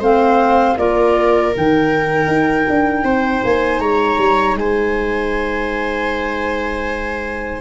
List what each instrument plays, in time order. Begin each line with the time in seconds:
0.00 tuba A3, clarinet C4, viola C5, flute F5
0.77 tuba A#3, clarinet F4, viola A#4, flute D5
1.53 tuba D#3, clarinet D#4, flute G5
2.28 tuba D#4
2.70 tuba D4
3.04 tuba C4, viola C5
3.44 tuba A#3, flute G#5
3.80 tuba G#3, viola C#5, flute A#5
4.18 tuba G3
4.55 tuba G#3, viola C5, flute G#5